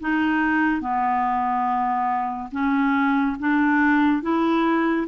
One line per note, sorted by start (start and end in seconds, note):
0.00 0.81 D#4
0.81 2.50 B3
2.52 3.36 C#4
3.39 4.22 D4
4.22 5.07 E4